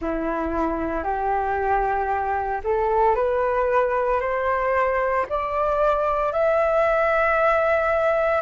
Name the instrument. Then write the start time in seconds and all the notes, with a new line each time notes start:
flute
0.00 E4
1.03 G4
2.64 A4
3.15 B4
4.20 C5
5.29 D5
6.32 E5